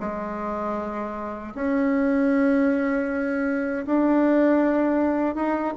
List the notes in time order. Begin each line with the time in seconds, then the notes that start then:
0.00 G#3
1.55 C#4
3.86 D4
5.35 D#4